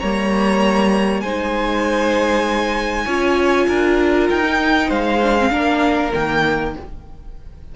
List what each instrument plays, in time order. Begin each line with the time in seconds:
0.00 cello G3, viola A#3, violin C#5 A#5
1.21 cello G#3, viola D#4, violin C5 G#5
3.05 cello C#4, viola F4, violin C#5
3.68 cello D4, violin A#4
4.30 cello D#4, violin G5
4.44 viola D#4
4.88 cello G#3, violin C5 F5
5.24 viola D4
5.39 viola C4
5.51 cello A#3, viola D4, violin A#4
6.14 cello D#3, viola A#3, violin G5